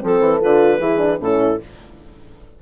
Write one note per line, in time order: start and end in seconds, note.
0.00 0.21 F3
0.00 0.40 C4
0.00 0.79 A4
0.00 0.41 A4
0.21 0.41 E3
0.41 0.80 D3
0.41 0.81 F4
0.41 1.21 B4
0.79 1.20 E3
0.79 0.98 E4
0.79 1.19 G#4
0.98 1.18 D4
1.20 1.60 A2
1.20 1.60 C#4
1.20 1.63 E4
1.20 1.62 A4